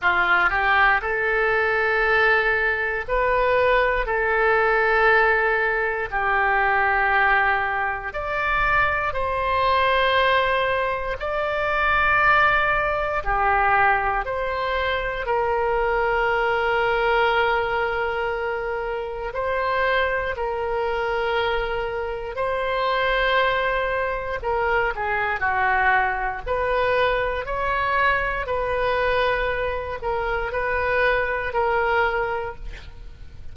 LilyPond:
\new Staff \with { instrumentName = "oboe" } { \time 4/4 \tempo 4 = 59 f'8 g'8 a'2 b'4 | a'2 g'2 | d''4 c''2 d''4~ | d''4 g'4 c''4 ais'4~ |
ais'2. c''4 | ais'2 c''2 | ais'8 gis'8 fis'4 b'4 cis''4 | b'4. ais'8 b'4 ais'4 | }